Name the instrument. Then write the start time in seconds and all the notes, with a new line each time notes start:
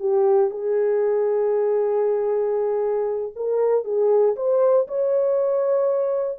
horn
0.00 G4
0.51 G#4
3.36 A#4
3.85 G#4
4.36 C5
4.88 C#5